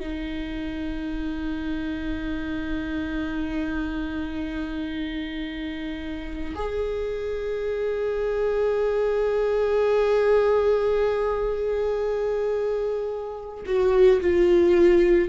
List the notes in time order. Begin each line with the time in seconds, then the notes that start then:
0.00 D#4
6.55 G#4
13.66 F#4
14.21 F4